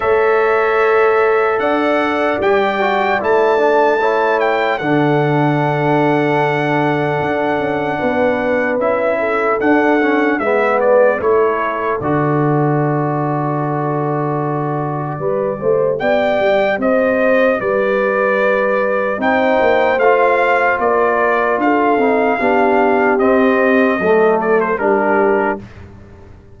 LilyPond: <<
  \new Staff \with { instrumentName = "trumpet" } { \time 4/4 \tempo 4 = 75 e''2 fis''4 g''4 | a''4. g''8 fis''2~ | fis''2. e''4 | fis''4 e''8 d''8 cis''4 d''4~ |
d''1 | g''4 dis''4 d''2 | g''4 f''4 d''4 f''4~ | f''4 dis''4. d''16 c''16 ais'4 | }
  \new Staff \with { instrumentName = "horn" } { \time 4/4 cis''2 d''2~ | d''4 cis''4 a'2~ | a'2 b'4. a'8~ | a'4 b'4 a'2~ |
a'2. b'8 c''8 | d''4 c''4 b'2 | c''2 ais'4 a'4 | g'2 a'4 g'4 | }
  \new Staff \with { instrumentName = "trombone" } { \time 4/4 a'2. g'8 fis'8 | e'8 d'8 e'4 d'2~ | d'2. e'4 | d'8 cis'8 b4 e'4 fis'4~ |
fis'2. g'4~ | g'1 | dis'4 f'2~ f'8 dis'8 | d'4 c'4 a4 d'4 | }
  \new Staff \with { instrumentName = "tuba" } { \time 4/4 a2 d'4 g4 | a2 d2~ | d4 d'8 cis'8 b4 cis'4 | d'4 gis4 a4 d4~ |
d2. g8 a8 | b8 g8 c'4 g2 | c'8 ais8 a4 ais4 d'8 c'8 | b4 c'4 fis4 g4 | }
>>